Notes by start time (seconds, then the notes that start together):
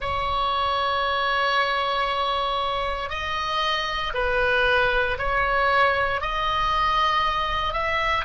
0.00 C#5
3.09 D#5
4.14 B4
5.18 C#5
6.21 D#5
7.73 E5